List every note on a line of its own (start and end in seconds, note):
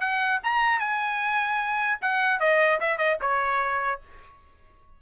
0.00 0.40 F#5
0.43 0.79 A#5
0.79 1.99 G#5
2.01 2.40 F#5
2.40 2.80 D#5
2.80 2.97 E5
2.97 3.17 D#5
3.21 4.01 C#5